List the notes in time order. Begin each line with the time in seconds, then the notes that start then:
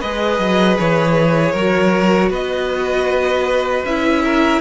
0.00 G#3 G#4 B4 D#5
0.39 F#3
0.79 E3 C#5
1.52 F#3 F#4 A#4
2.30 B3 B4 D#5
3.84 C#4 E4 E5
4.25 A#4